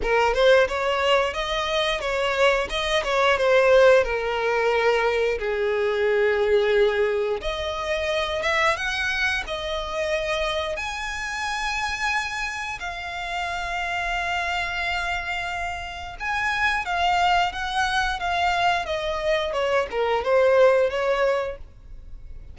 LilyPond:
\new Staff \with { instrumentName = "violin" } { \time 4/4 \tempo 4 = 89 ais'8 c''8 cis''4 dis''4 cis''4 | dis''8 cis''8 c''4 ais'2 | gis'2. dis''4~ | dis''8 e''8 fis''4 dis''2 |
gis''2. f''4~ | f''1 | gis''4 f''4 fis''4 f''4 | dis''4 cis''8 ais'8 c''4 cis''4 | }